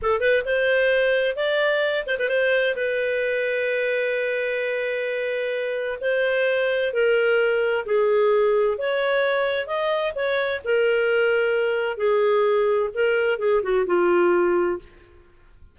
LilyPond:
\new Staff \with { instrumentName = "clarinet" } { \time 4/4 \tempo 4 = 130 a'8 b'8 c''2 d''4~ | d''8 c''16 b'16 c''4 b'2~ | b'1~ | b'4 c''2 ais'4~ |
ais'4 gis'2 cis''4~ | cis''4 dis''4 cis''4 ais'4~ | ais'2 gis'2 | ais'4 gis'8 fis'8 f'2 | }